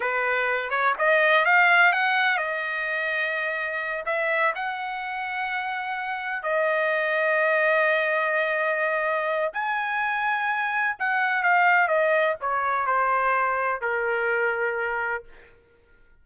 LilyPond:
\new Staff \with { instrumentName = "trumpet" } { \time 4/4 \tempo 4 = 126 b'4. cis''8 dis''4 f''4 | fis''4 dis''2.~ | dis''8 e''4 fis''2~ fis''8~ | fis''4. dis''2~ dis''8~ |
dis''1 | gis''2. fis''4 | f''4 dis''4 cis''4 c''4~ | c''4 ais'2. | }